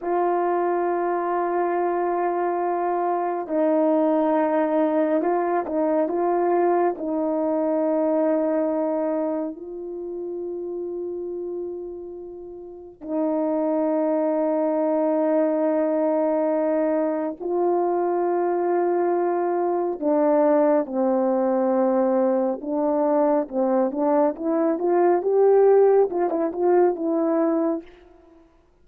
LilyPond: \new Staff \with { instrumentName = "horn" } { \time 4/4 \tempo 4 = 69 f'1 | dis'2 f'8 dis'8 f'4 | dis'2. f'4~ | f'2. dis'4~ |
dis'1 | f'2. d'4 | c'2 d'4 c'8 d'8 | e'8 f'8 g'4 f'16 e'16 f'8 e'4 | }